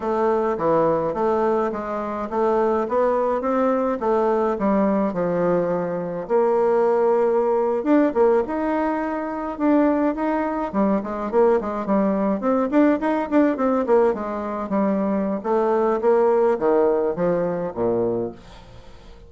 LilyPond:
\new Staff \with { instrumentName = "bassoon" } { \time 4/4 \tempo 4 = 105 a4 e4 a4 gis4 | a4 b4 c'4 a4 | g4 f2 ais4~ | ais4.~ ais16 d'8 ais8 dis'4~ dis'16~ |
dis'8. d'4 dis'4 g8 gis8 ais16~ | ais16 gis8 g4 c'8 d'8 dis'8 d'8 c'16~ | c'16 ais8 gis4 g4~ g16 a4 | ais4 dis4 f4 ais,4 | }